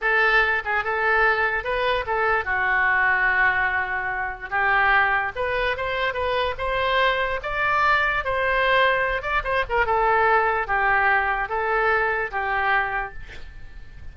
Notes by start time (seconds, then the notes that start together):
0.01 A4
0.64 G#4
0.83 A4
1.63 B4
2.06 A4
2.45 F#4
4.50 G4
5.35 B4
5.76 C5
6.13 B4
6.58 C5
7.42 D5
8.24 C5
9.21 D5
9.43 C5
9.69 A#4
9.86 A4
10.67 G4
11.48 A4
12.31 G4